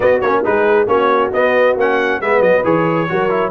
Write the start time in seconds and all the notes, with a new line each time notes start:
0.00 B3 F#4 D#5
0.20 A#3 C#4 C#5
0.43 G#3 D#4 G#4 B4
0.87 A#3 C#4 F#4 C#5
1.33 B3 D#5
1.76 A#3 C#4 F#5
2.20 G#3 B3 B4 E5
2.40 F#3 D#5
2.63 E3 G#4 C#5
3.08 F#3 F#4 A#4
3.29 E4